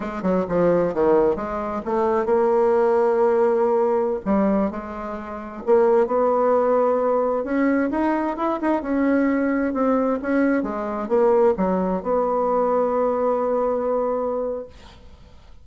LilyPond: \new Staff \with { instrumentName = "bassoon" } { \time 4/4 \tempo 4 = 131 gis8 fis8 f4 dis4 gis4 | a4 ais2.~ | ais4~ ais16 g4 gis4.~ gis16~ | gis16 ais4 b2~ b8.~ |
b16 cis'4 dis'4 e'8 dis'8 cis'8.~ | cis'4~ cis'16 c'4 cis'4 gis8.~ | gis16 ais4 fis4 b4.~ b16~ | b1 | }